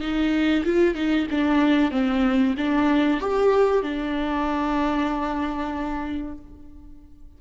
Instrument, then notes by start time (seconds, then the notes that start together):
viola
0.00 D#4
0.64 F4
0.95 D#4
1.31 D4
1.91 C4
2.57 D4
3.20 G4
3.82 D4